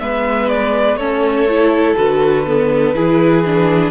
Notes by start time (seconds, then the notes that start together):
0.00 G#3 B3 B4 E5
0.48 D5
0.96 A3 C#4 A4 C#5
1.49 E4
1.96 D3 F#4 B4
2.46 B3
2.95 E3 E4 G#4
3.45 D4